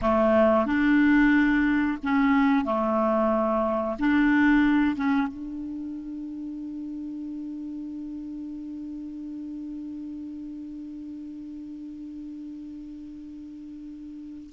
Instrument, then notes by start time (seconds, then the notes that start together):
clarinet
0.01 A3
0.66 D4
2.03 C#4
2.64 A3
3.99 D4
4.95 C#4
5.27 D4